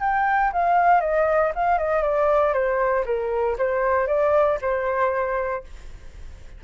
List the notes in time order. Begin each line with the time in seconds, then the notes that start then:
0.00 G5
0.52 F5
1.01 D#5
1.55 F5
1.78 D#5
2.02 D5
2.53 C5
3.05 A#4
3.58 C5
4.07 D5
4.61 C5